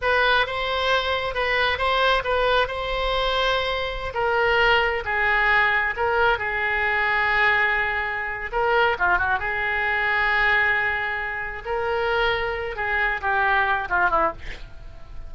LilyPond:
\new Staff \with { instrumentName = "oboe" } { \time 4/4 \tempo 4 = 134 b'4 c''2 b'4 | c''4 b'4 c''2~ | c''4~ c''16 ais'2 gis'8.~ | gis'4~ gis'16 ais'4 gis'4.~ gis'16~ |
gis'2. ais'4 | f'8 fis'8 gis'2.~ | gis'2 ais'2~ | ais'8 gis'4 g'4. f'8 e'8 | }